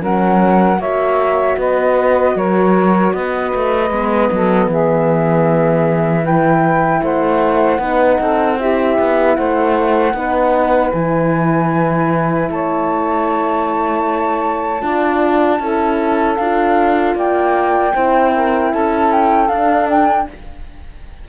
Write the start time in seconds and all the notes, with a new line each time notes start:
0.00 F#3 C#4 A#4 F#5
0.79 A#3 F#4 C#5 E5
1.58 B3 B4 D#5
2.36 F#3 A#4 C#5
3.14 B3 B4 D#5
3.55 A3
3.91 G#3 B3
4.32 F#3 A4
4.67 E3 G#4 E5
6.23 E4 B4 G5
7.03 A3 C5 F#5
7.79 B3 D#4 B4
8.20 C4 A4
8.59 E4 G4 E5
8.99 B3
9.36 A3 C5 F#5
10.14 B3 D#4 B4
10.92 E3 E4 G#5
12.50 A3 C#5 A5
14.81 D4 F4 D5
15.60 C#4 E4 A4
16.37 D4 F4 F5
17.15 A#3 D5 G5
17.94 C4 E4 C5
18.35 A#4
18.73 C#4 A4 A5
19.12 G5
19.49 D4 F5
19.90 G5